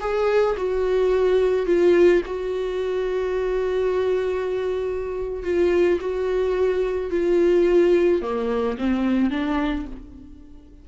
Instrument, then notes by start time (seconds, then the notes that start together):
viola
0.00 G#4
0.57 F#4
1.66 F4
2.26 F#4
5.43 F4
6.00 F#4
7.10 F4
8.22 A#3
8.77 C4
9.30 D4